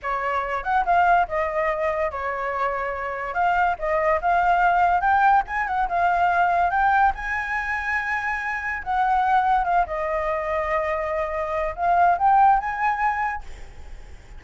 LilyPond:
\new Staff \with { instrumentName = "flute" } { \time 4/4 \tempo 4 = 143 cis''4. fis''8 f''4 dis''4~ | dis''4 cis''2. | f''4 dis''4 f''2 | g''4 gis''8 fis''8 f''2 |
g''4 gis''2.~ | gis''4 fis''2 f''8 dis''8~ | dis''1 | f''4 g''4 gis''2 | }